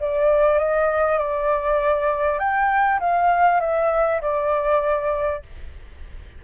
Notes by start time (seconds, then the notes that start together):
0.00 D5
0.59 D#5
1.18 D5
2.39 G5
3.00 F5
3.61 E5
4.21 D5